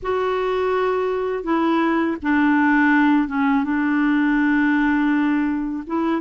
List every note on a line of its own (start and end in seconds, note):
0.02 1.43 F#4
1.43 2.16 E4
2.22 3.28 D4
3.28 3.64 C#4
3.64 5.83 D4
5.87 6.21 E4